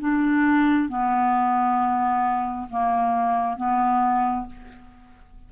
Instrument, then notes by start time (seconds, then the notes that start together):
clarinet
0.00 D4
0.90 B3
2.70 A#3
3.57 B3